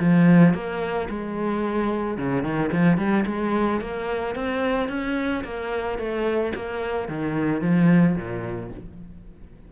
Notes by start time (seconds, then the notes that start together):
0.00 F3
0.54 A#3
1.10 G#3
2.18 C#3
2.43 D#3
2.72 F3
2.98 G3
3.27 G#3
3.81 A#3
4.36 C4
4.89 C#4
5.44 A#3
5.99 A3
6.56 A#3
7.09 D#3
7.62 F3
8.16 A#2